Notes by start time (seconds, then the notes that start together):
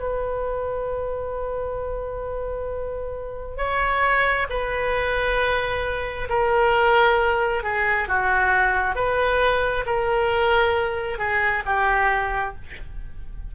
0.00 B4
3.57 C#5
4.49 B4
6.29 A#4
7.63 G#4
8.08 F#4
8.95 B4
9.86 A#4
11.19 G#4
11.66 G4